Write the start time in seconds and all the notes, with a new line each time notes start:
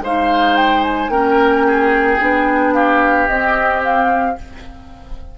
0.00 G#3 D#4 C5 F5
0.56 G5
0.83 G#5
1.09 A#3 C#4 A#4 G5
1.67 G#4
2.19 B3 D4
2.74 G4 F5
3.28 C4 D#5
3.84 F5